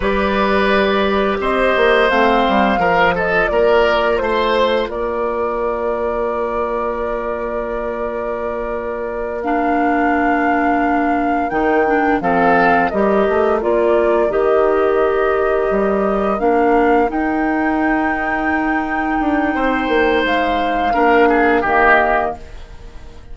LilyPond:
<<
  \new Staff \with { instrumentName = "flute" } { \time 4/4 \tempo 4 = 86 d''2 dis''4 f''4~ | f''8 dis''8 d''4 c''4 d''4~ | d''1~ | d''4. f''2~ f''8~ |
f''8 g''4 f''4 dis''4 d''8~ | d''8 dis''2. f''8~ | f''8 g''2.~ g''8~ | g''4 f''2 dis''4 | }
  \new Staff \with { instrumentName = "oboe" } { \time 4/4 b'2 c''2 | ais'8 a'8 ais'4 c''4 ais'4~ | ais'1~ | ais'1~ |
ais'4. a'4 ais'4.~ | ais'1~ | ais'1 | c''2 ais'8 gis'8 g'4 | }
  \new Staff \with { instrumentName = "clarinet" } { \time 4/4 g'2. c'4 | f'1~ | f'1~ | f'4. d'2~ d'8~ |
d'8 dis'8 d'8 c'4 g'4 f'8~ | f'8 g'2. d'8~ | d'8 dis'2.~ dis'8~ | dis'2 d'4 ais4 | }
  \new Staff \with { instrumentName = "bassoon" } { \time 4/4 g2 c'8 ais8 a8 g8 | f4 ais4 a4 ais4~ | ais1~ | ais1~ |
ais8 dis4 f4 g8 a8 ais8~ | ais8 dis2 g4 ais8~ | ais8 dis'2. d'8 | c'8 ais8 gis4 ais4 dis4 | }
>>